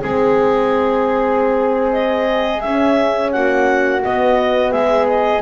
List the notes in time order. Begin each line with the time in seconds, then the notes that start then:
0.00 G#3 C4 G#4
1.92 D#5
2.61 C#4 E5
3.31 A#3 F#4 F#5
4.04 B3 D#5
4.71 G#3 G#4 E5
5.07 D#5